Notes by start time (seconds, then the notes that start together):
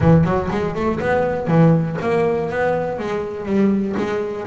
0.00 E3
0.24 F#3
0.50 G#3
0.75 A3
1.00 B3
1.47 E3
2.01 A#3
2.50 B3
2.98 G#3
3.45 G3
3.97 G#3